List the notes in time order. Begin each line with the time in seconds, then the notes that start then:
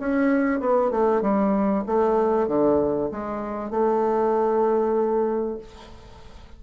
0.00 C#4
0.61 B3
0.91 A3
1.22 G3
1.87 A3
2.48 D3
3.11 G#3
3.71 A3